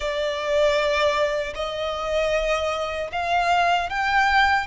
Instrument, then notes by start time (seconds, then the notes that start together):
violin
0.00 D5
1.54 D#5
3.12 F5
3.89 G5